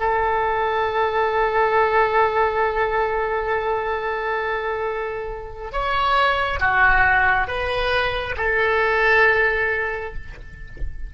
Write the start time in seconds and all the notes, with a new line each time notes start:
0.00 A4
5.72 C#5
6.60 F#4
7.48 B4
8.37 A4